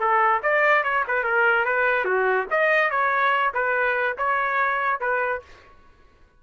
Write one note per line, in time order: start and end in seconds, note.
0.00 0.42 A4
0.43 0.83 D5
0.83 1.04 C#5
1.08 1.23 B4
1.23 1.65 A#4
1.65 2.05 B4
2.05 2.46 F#4
2.50 2.90 D#5
2.90 3.53 C#5
3.54 4.17 B4
4.18 5.00 C#5
5.00 5.42 B4